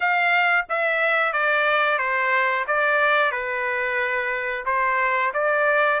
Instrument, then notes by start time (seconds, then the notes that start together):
trumpet
0.00 F5
0.68 E5
1.32 D5
1.98 C5
2.67 D5
3.31 B4
4.65 C5
5.33 D5